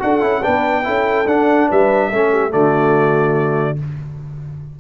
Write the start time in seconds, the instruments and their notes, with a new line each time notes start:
0.00 tuba D4, trombone F#4, horn A4, trumpet F#5
0.21 tuba C#4, trombone E4
0.42 tuba B3, trombone D4, horn B4, trumpet G5
0.84 tuba C#4, trombone E4, horn A4
1.27 tuba D4, trombone D4, trumpet F#5
1.69 tuba G3, horn B4, trumpet E5
2.09 tuba A3, trombone C#4, horn A4
2.32 horn G4
2.51 tuba D3, trombone A3, horn F#4, trumpet D5